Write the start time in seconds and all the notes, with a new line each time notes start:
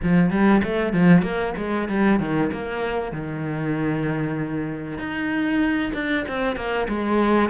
0.03 F3
0.30 G3
0.63 A3
0.93 F3
1.22 A#3
1.57 G#3
1.88 G3
2.19 D#3
2.52 A#3
3.12 D#3
4.98 D#4
5.93 D4
6.28 C4
6.55 A#3
6.88 G#3